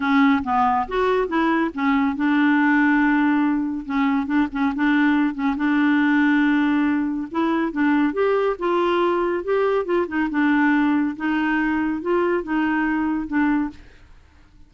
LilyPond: \new Staff \with { instrumentName = "clarinet" } { \time 4/4 \tempo 4 = 140 cis'4 b4 fis'4 e'4 | cis'4 d'2.~ | d'4 cis'4 d'8 cis'8 d'4~ | d'8 cis'8 d'2.~ |
d'4 e'4 d'4 g'4 | f'2 g'4 f'8 dis'8 | d'2 dis'2 | f'4 dis'2 d'4 | }